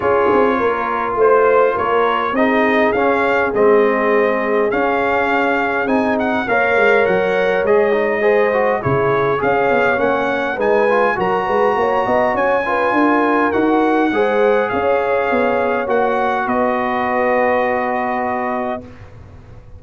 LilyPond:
<<
  \new Staff \with { instrumentName = "trumpet" } { \time 4/4 \tempo 4 = 102 cis''2 c''4 cis''4 | dis''4 f''4 dis''2 | f''2 gis''8 fis''8 f''4 | fis''4 dis''2 cis''4 |
f''4 fis''4 gis''4 ais''4~ | ais''4 gis''2 fis''4~ | fis''4 f''2 fis''4 | dis''1 | }
  \new Staff \with { instrumentName = "horn" } { \time 4/4 gis'4 ais'4 c''4 ais'4 | gis'1~ | gis'2. cis''4~ | cis''2 c''4 gis'4 |
cis''2 b'4 ais'8 b'8 | cis''8 dis''8 cis''8 b'8 ais'2 | c''4 cis''2. | b'1 | }
  \new Staff \with { instrumentName = "trombone" } { \time 4/4 f'1 | dis'4 cis'4 c'2 | cis'2 dis'4 ais'4~ | ais'4 gis'8 dis'8 gis'8 fis'8 e'4 |
gis'4 cis'4 dis'8 f'8 fis'4~ | fis'4. f'4. fis'4 | gis'2. fis'4~ | fis'1 | }
  \new Staff \with { instrumentName = "tuba" } { \time 4/4 cis'8 c'8 ais4 a4 ais4 | c'4 cis'4 gis2 | cis'2 c'4 ais8 gis8 | fis4 gis2 cis4 |
cis'8 b8 ais4 gis4 fis8 gis8 | ais8 b8 cis'4 d'4 dis'4 | gis4 cis'4 b4 ais4 | b1 | }
>>